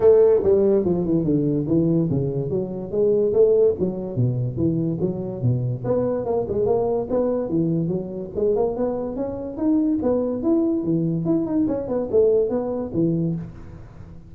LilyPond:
\new Staff \with { instrumentName = "tuba" } { \time 4/4 \tempo 4 = 144 a4 g4 f8 e8 d4 | e4 cis4 fis4 gis4 | a4 fis4 b,4 e4 | fis4 b,4 b4 ais8 gis8 |
ais4 b4 e4 fis4 | gis8 ais8 b4 cis'4 dis'4 | b4 e'4 e4 e'8 dis'8 | cis'8 b8 a4 b4 e4 | }